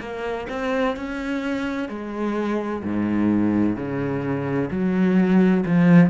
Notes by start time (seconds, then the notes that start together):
0.00 A#3
0.49 C4
0.96 C#4
1.88 G#3
2.83 G#2
3.76 C#3
4.70 F#3
5.66 F3